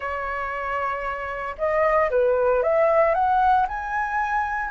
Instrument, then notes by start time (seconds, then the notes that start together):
flute
0.00 C#5
1.57 D#5
2.10 B4
2.62 E5
3.14 F#5
3.68 G#5